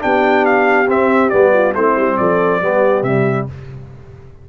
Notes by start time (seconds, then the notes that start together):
0.00 B3 D4 G4 G5
0.45 F5
0.88 C4 E5
1.30 G3 B3 D5
1.53 F4
1.74 A3 C4 E4 C5
1.96 G3
2.17 F3 A4 D5
2.62 G3 B3 G4
3.02 C3 G3 E5